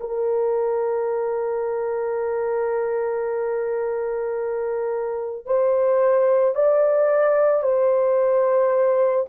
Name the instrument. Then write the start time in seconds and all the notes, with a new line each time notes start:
horn
0.00 A#4
5.45 C5
6.55 D5
7.63 C5